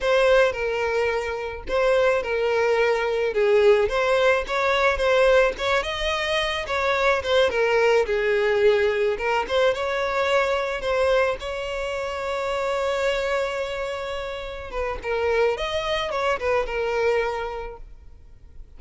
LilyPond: \new Staff \with { instrumentName = "violin" } { \time 4/4 \tempo 4 = 108 c''4 ais'2 c''4 | ais'2 gis'4 c''4 | cis''4 c''4 cis''8 dis''4. | cis''4 c''8 ais'4 gis'4.~ |
gis'8 ais'8 c''8 cis''2 c''8~ | c''8 cis''2.~ cis''8~ | cis''2~ cis''8 b'8 ais'4 | dis''4 cis''8 b'8 ais'2 | }